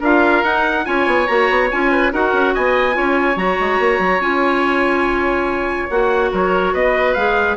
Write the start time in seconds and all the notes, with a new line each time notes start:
0.00 D4 F4 A#4 F5
0.43 D#4 F#5
0.85 C#4 F4 C#5 G#5
1.06 B3
1.27 A#3 F#4 A#5
1.50 B3
1.71 C#4 F4 G#5
1.91 B4
2.12 D#4 F#4 A#4 F#5
2.33 C#4
2.54 B3 D#5 G#5
2.92 C#4 F4 C#5
3.36 F#3 F#4 A#5
3.60 G#3
3.79 A#3
3.99 F#3
4.20 C#4 F4 G#5
5.90 A#3 F#4 F#5
6.31 F#3 A#4 C#5
6.73 B3 B4 D#5
7.14 G#3 G#4 F5